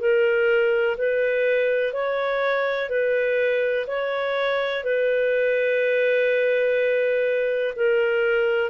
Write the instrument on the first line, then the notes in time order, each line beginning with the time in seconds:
clarinet
0.00 A#4
0.98 B4
1.94 C#5
2.90 B4
3.87 C#5
4.84 B4
7.76 A#4